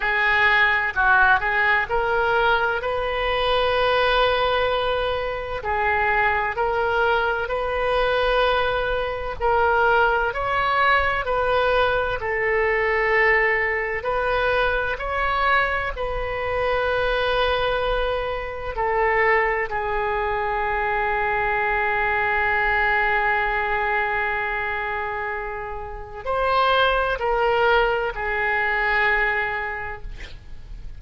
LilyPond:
\new Staff \with { instrumentName = "oboe" } { \time 4/4 \tempo 4 = 64 gis'4 fis'8 gis'8 ais'4 b'4~ | b'2 gis'4 ais'4 | b'2 ais'4 cis''4 | b'4 a'2 b'4 |
cis''4 b'2. | a'4 gis'2.~ | gis'1 | c''4 ais'4 gis'2 | }